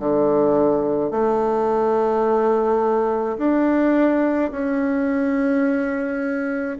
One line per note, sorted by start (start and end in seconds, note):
0.00 1.11 D3
1.11 3.38 A3
3.38 4.51 D4
4.52 6.78 C#4